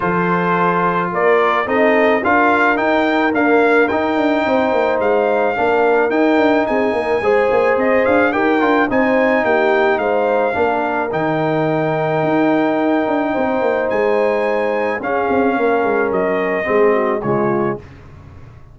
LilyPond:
<<
  \new Staff \with { instrumentName = "trumpet" } { \time 4/4 \tempo 4 = 108 c''2 d''4 dis''4 | f''4 g''4 f''4 g''4~ | g''4 f''2 g''4 | gis''2 dis''8 f''8 g''4 |
gis''4 g''4 f''2 | g''1~ | g''4 gis''2 f''4~ | f''4 dis''2 cis''4 | }
  \new Staff \with { instrumentName = "horn" } { \time 4/4 a'2 ais'4 a'4 | ais'1 | c''2 ais'2 | gis'8 ais'8 c''2 ais'4 |
c''4 g'4 c''4 ais'4~ | ais'1 | c''2. gis'4 | ais'2 gis'8 fis'8 f'4 | }
  \new Staff \with { instrumentName = "trombone" } { \time 4/4 f'2. dis'4 | f'4 dis'4 ais4 dis'4~ | dis'2 d'4 dis'4~ | dis'4 gis'2 g'8 f'8 |
dis'2. d'4 | dis'1~ | dis'2. cis'4~ | cis'2 c'4 gis4 | }
  \new Staff \with { instrumentName = "tuba" } { \time 4/4 f2 ais4 c'4 | d'4 dis'4 d'4 dis'8 d'8 | c'8 ais8 gis4 ais4 dis'8 d'8 | c'8 ais8 gis8 ais8 c'8 d'8 dis'8 d'8 |
c'4 ais4 gis4 ais4 | dis2 dis'4. d'8 | c'8 ais8 gis2 cis'8 c'8 | ais8 gis8 fis4 gis4 cis4 | }
>>